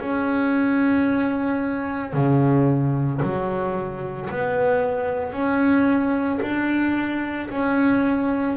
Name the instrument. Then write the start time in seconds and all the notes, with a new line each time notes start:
double bass
0.00 C#4
2.13 C#3
3.23 F#3
4.30 B3
5.33 C#4
6.42 D4
7.50 C#4